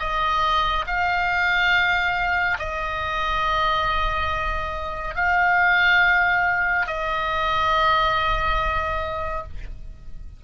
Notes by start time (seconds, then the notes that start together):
0.00 D#5
0.87 F5
2.59 D#5
5.16 F5
6.87 D#5